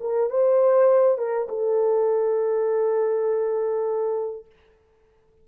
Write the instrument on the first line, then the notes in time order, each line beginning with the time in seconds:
horn
0.00 A#4
0.29 C5
1.18 A#4
1.49 A4